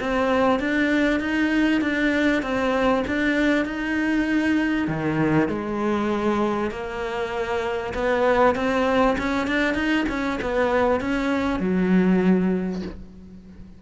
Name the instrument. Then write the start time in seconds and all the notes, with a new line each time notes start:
cello
0.00 C4
0.60 D4
1.20 D#4
1.81 D4
2.43 C4
3.08 D4
3.65 D#4
4.88 D#3
5.49 G#3
6.71 A#3
7.94 B3
8.55 C4
9.18 C#4
9.47 D4
9.75 D#4
10.09 C#4
10.42 B3
11.01 C#4
11.60 F#3